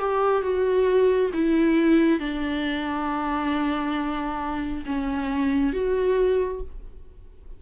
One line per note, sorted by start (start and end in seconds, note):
0.00 0.43 G4
0.43 1.31 F#4
1.34 2.20 E4
2.20 4.85 D4
4.86 5.73 C#4
5.73 6.61 F#4